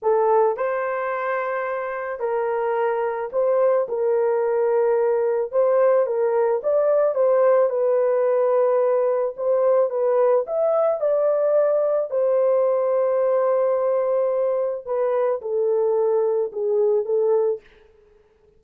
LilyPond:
\new Staff \with { instrumentName = "horn" } { \time 4/4 \tempo 4 = 109 a'4 c''2. | ais'2 c''4 ais'4~ | ais'2 c''4 ais'4 | d''4 c''4 b'2~ |
b'4 c''4 b'4 e''4 | d''2 c''2~ | c''2. b'4 | a'2 gis'4 a'4 | }